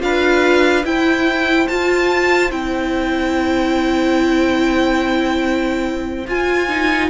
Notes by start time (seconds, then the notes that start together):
0.00 D4 F4 B4 F5
0.85 E4 C5 G5
1.68 F4 A5
2.50 C4 E4 G5
6.28 F4 G#5
6.69 D#4